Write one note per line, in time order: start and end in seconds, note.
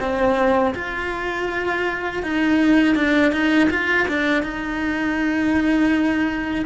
0.00 0.74 C4
0.75 2.23 F4
2.23 2.95 D#4
2.95 3.32 D4
3.32 3.69 D#4
3.70 4.07 F4
4.08 4.43 D4
4.43 6.65 D#4